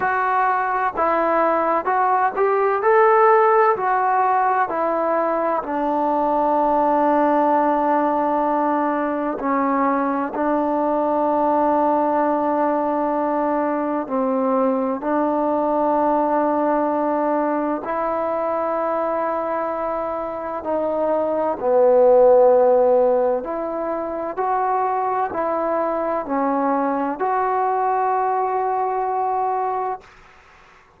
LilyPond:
\new Staff \with { instrumentName = "trombone" } { \time 4/4 \tempo 4 = 64 fis'4 e'4 fis'8 g'8 a'4 | fis'4 e'4 d'2~ | d'2 cis'4 d'4~ | d'2. c'4 |
d'2. e'4~ | e'2 dis'4 b4~ | b4 e'4 fis'4 e'4 | cis'4 fis'2. | }